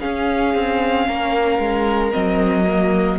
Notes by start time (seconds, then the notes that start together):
0.00 C#4 G#4 F5
0.55 C4
1.08 A#3 A#4
1.59 G#3
2.12 F#3 C4 D#5
2.67 A#3